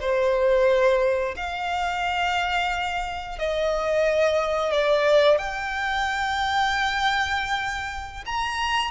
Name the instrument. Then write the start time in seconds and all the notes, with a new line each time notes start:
violin
0.00 C5
1.36 F5
3.38 D#5
4.72 D5
5.38 G5
8.26 A#5